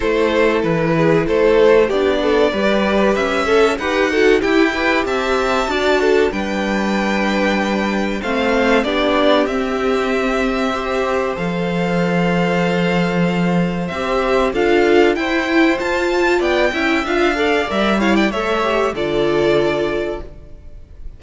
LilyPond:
<<
  \new Staff \with { instrumentName = "violin" } { \time 4/4 \tempo 4 = 95 c''4 b'4 c''4 d''4~ | d''4 e''4 fis''4 g''4 | a''2 g''2~ | g''4 f''4 d''4 e''4~ |
e''2 f''2~ | f''2 e''4 f''4 | g''4 a''4 g''4 f''4 | e''8 f''16 g''16 e''4 d''2 | }
  \new Staff \with { instrumentName = "violin" } { \time 4/4 a'4. gis'8 a'4 g'8 a'8 | b'4. a'8 b'8 a'8 g'8 b'8 | e''4 d''8 a'8 b'2~ | b'4 c''4 g'2~ |
g'4 c''2.~ | c''2. a'4 | c''2 d''8 e''4 d''8~ | d''8 cis''16 d''16 cis''4 a'2 | }
  \new Staff \with { instrumentName = "viola" } { \time 4/4 e'2. d'4 | g'4. a'8 g'8 fis'8 e'8 g'8~ | g'4 fis'4 d'2~ | d'4 c'4 d'4 c'4~ |
c'4 g'4 a'2~ | a'2 g'4 f'4 | e'4 f'4. e'8 f'8 a'8 | ais'8 e'8 a'8 g'8 f'2 | }
  \new Staff \with { instrumentName = "cello" } { \time 4/4 a4 e4 a4 b4 | g4 cis'4 dis'4 e'4 | c'4 d'4 g2~ | g4 a4 b4 c'4~ |
c'2 f2~ | f2 c'4 d'4 | e'4 f'4 b8 cis'8 d'4 | g4 a4 d2 | }
>>